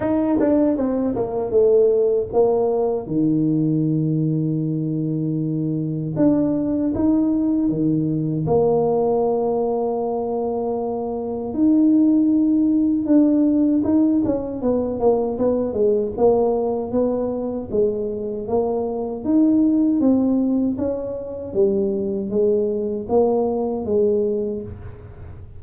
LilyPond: \new Staff \with { instrumentName = "tuba" } { \time 4/4 \tempo 4 = 78 dis'8 d'8 c'8 ais8 a4 ais4 | dis1 | d'4 dis'4 dis4 ais4~ | ais2. dis'4~ |
dis'4 d'4 dis'8 cis'8 b8 ais8 | b8 gis8 ais4 b4 gis4 | ais4 dis'4 c'4 cis'4 | g4 gis4 ais4 gis4 | }